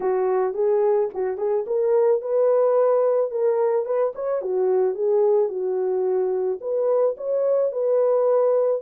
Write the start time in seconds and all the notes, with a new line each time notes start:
0.00 F#4
0.54 G#4
1.14 F#4
1.37 G#4
1.66 A#4
2.21 B4
3.30 A#4
3.85 B4
4.15 C#5
4.41 F#4
4.94 G#4
5.48 F#4
6.60 B4
7.17 C#5
7.72 B4